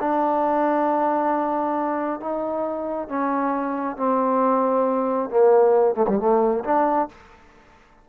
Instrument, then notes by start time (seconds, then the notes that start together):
trombone
0.00 D4
2.20 D#4
3.09 C#4
3.97 C4
5.30 A#3
5.95 A3
6.08 G3
6.19 A3
6.64 D4